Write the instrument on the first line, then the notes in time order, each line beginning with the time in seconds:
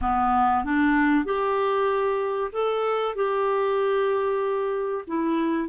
clarinet
0.01 B3
0.64 D4
1.25 G4
2.52 A4
3.15 G4
5.07 E4